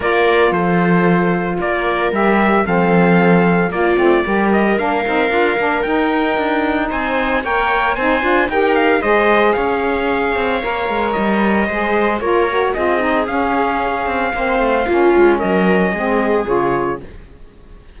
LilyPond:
<<
  \new Staff \with { instrumentName = "trumpet" } { \time 4/4 \tempo 4 = 113 d''4 c''2 d''4 | e''4 f''2 d''4~ | d''8 dis''8 f''2 g''4~ | g''4 gis''4 g''4 gis''4 |
g''8 f''8 dis''4 f''2~ | f''4 dis''2 cis''4 | dis''4 f''2.~ | f''4 dis''2 cis''4 | }
  \new Staff \with { instrumentName = "viola" } { \time 4/4 ais'4 a'2 ais'4~ | ais'4 a'2 f'4 | ais'1~ | ais'4 c''4 cis''4 c''4 |
ais'4 c''4 cis''2~ | cis''2 c''4 ais'4 | gis'2. c''4 | f'4 ais'4 gis'2 | }
  \new Staff \with { instrumentName = "saxophone" } { \time 4/4 f'1 | g'4 c'2 ais8 c'8 | g'4 d'8 dis'8 f'8 d'8 dis'4~ | dis'2 ais'4 dis'8 f'8 |
g'4 gis'2. | ais'2 gis'4 f'8 fis'8 | f'8 dis'8 cis'2 c'4 | cis'2 c'4 f'4 | }
  \new Staff \with { instrumentName = "cello" } { \time 4/4 ais4 f2 ais4 | g4 f2 ais8 a8 | g4 ais8 c'8 d'8 ais8 dis'4 | d'4 c'4 ais4 c'8 d'8 |
dis'4 gis4 cis'4. c'8 | ais8 gis8 g4 gis4 ais4 | c'4 cis'4. c'8 ais8 a8 | ais8 gis8 fis4 gis4 cis4 | }
>>